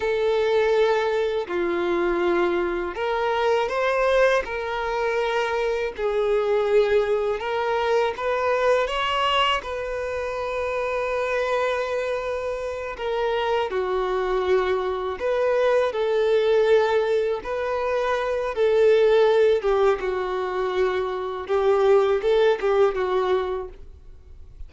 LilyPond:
\new Staff \with { instrumentName = "violin" } { \time 4/4 \tempo 4 = 81 a'2 f'2 | ais'4 c''4 ais'2 | gis'2 ais'4 b'4 | cis''4 b'2.~ |
b'4. ais'4 fis'4.~ | fis'8 b'4 a'2 b'8~ | b'4 a'4. g'8 fis'4~ | fis'4 g'4 a'8 g'8 fis'4 | }